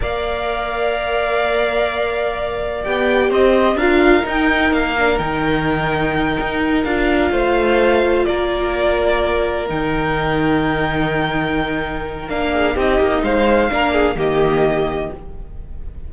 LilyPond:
<<
  \new Staff \with { instrumentName = "violin" } { \time 4/4 \tempo 4 = 127 f''1~ | f''2 g''4 dis''4 | f''4 g''4 f''4 g''4~ | g''2~ g''8 f''4.~ |
f''4. d''2~ d''8~ | d''8 g''2.~ g''8~ | g''2 f''4 dis''4 | f''2 dis''2 | }
  \new Staff \with { instrumentName = "violin" } { \time 4/4 d''1~ | d''2. c''4 | ais'1~ | ais'2.~ ais'8 c''8~ |
c''4. ais'2~ ais'8~ | ais'1~ | ais'2~ ais'8 gis'8 g'4 | c''4 ais'8 gis'8 g'2 | }
  \new Staff \with { instrumentName = "viola" } { \time 4/4 ais'1~ | ais'2 g'2 | f'4 dis'4. d'8 dis'4~ | dis'2~ dis'8 f'4.~ |
f'1~ | f'8 dis'2.~ dis'8~ | dis'2 d'4 dis'4~ | dis'4 d'4 ais2 | }
  \new Staff \with { instrumentName = "cello" } { \time 4/4 ais1~ | ais2 b4 c'4 | d'4 dis'4 ais4 dis4~ | dis4. dis'4 d'4 a8~ |
a4. ais2~ ais8~ | ais8 dis2.~ dis8~ | dis2 ais4 c'8 ais8 | gis4 ais4 dis2 | }
>>